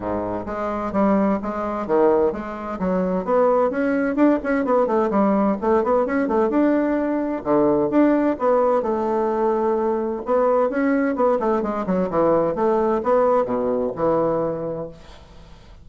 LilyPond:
\new Staff \with { instrumentName = "bassoon" } { \time 4/4 \tempo 4 = 129 gis,4 gis4 g4 gis4 | dis4 gis4 fis4 b4 | cis'4 d'8 cis'8 b8 a8 g4 | a8 b8 cis'8 a8 d'2 |
d4 d'4 b4 a4~ | a2 b4 cis'4 | b8 a8 gis8 fis8 e4 a4 | b4 b,4 e2 | }